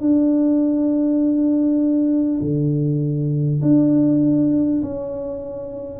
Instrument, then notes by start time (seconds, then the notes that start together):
tuba
0.00 D4
2.41 D3
3.61 D4
4.82 C#4